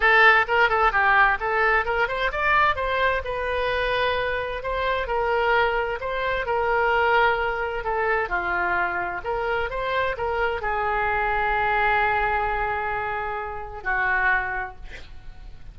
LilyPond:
\new Staff \with { instrumentName = "oboe" } { \time 4/4 \tempo 4 = 130 a'4 ais'8 a'8 g'4 a'4 | ais'8 c''8 d''4 c''4 b'4~ | b'2 c''4 ais'4~ | ais'4 c''4 ais'2~ |
ais'4 a'4 f'2 | ais'4 c''4 ais'4 gis'4~ | gis'1~ | gis'2 fis'2 | }